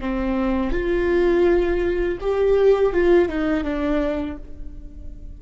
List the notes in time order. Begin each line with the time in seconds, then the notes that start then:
0.00 C4
0.72 F4
2.20 G4
2.93 F4
3.28 D#4
3.64 D4